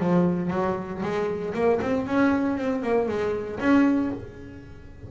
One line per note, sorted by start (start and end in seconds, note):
0.00 0.51 F3
0.51 1.02 F#3
1.03 1.54 G#3
1.55 1.80 A#3
1.82 2.07 C4
2.07 2.58 C#4
2.58 2.83 C4
2.83 3.09 A#3
3.09 3.60 G#3
3.60 4.11 C#4